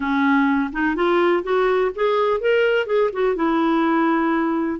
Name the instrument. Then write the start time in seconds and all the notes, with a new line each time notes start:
clarinet
0.00 C#4
0.72 D#4
0.95 F4
1.43 F#4
1.95 G#4
2.40 A#4
2.86 G#4
3.12 F#4
3.35 E4